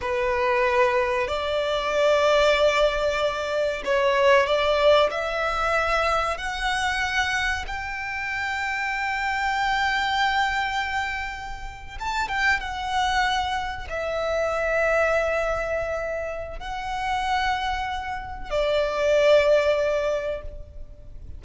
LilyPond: \new Staff \with { instrumentName = "violin" } { \time 4/4 \tempo 4 = 94 b'2 d''2~ | d''2 cis''4 d''4 | e''2 fis''2 | g''1~ |
g''2~ g''8. a''8 g''8 fis''16~ | fis''4.~ fis''16 e''2~ e''16~ | e''2 fis''2~ | fis''4 d''2. | }